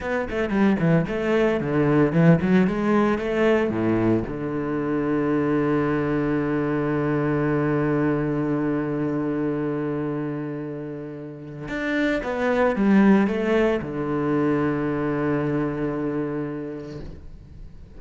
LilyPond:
\new Staff \with { instrumentName = "cello" } { \time 4/4 \tempo 4 = 113 b8 a8 g8 e8 a4 d4 | e8 fis8 gis4 a4 a,4 | d1~ | d1~ |
d1~ | d2 d'4 b4 | g4 a4 d2~ | d1 | }